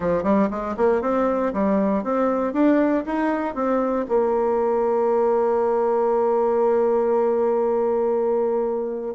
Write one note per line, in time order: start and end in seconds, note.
0.00 0.23 F3
0.23 0.48 G3
0.50 0.75 G#3
0.77 1.01 A#3
1.01 1.52 C4
1.53 2.03 G3
2.03 2.53 C4
2.53 3.04 D4
3.06 3.54 D#4
3.54 4.05 C4
4.08 9.14 A#3